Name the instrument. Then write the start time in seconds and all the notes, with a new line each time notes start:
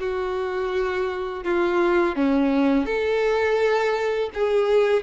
violin
0.00 F#4
1.45 F4
2.16 C#4
2.86 A4
4.34 G#4